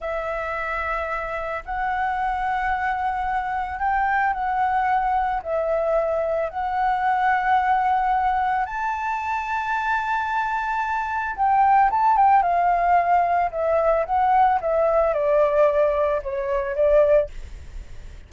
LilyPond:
\new Staff \with { instrumentName = "flute" } { \time 4/4 \tempo 4 = 111 e''2. fis''4~ | fis''2. g''4 | fis''2 e''2 | fis''1 |
a''1~ | a''4 g''4 a''8 g''8 f''4~ | f''4 e''4 fis''4 e''4 | d''2 cis''4 d''4 | }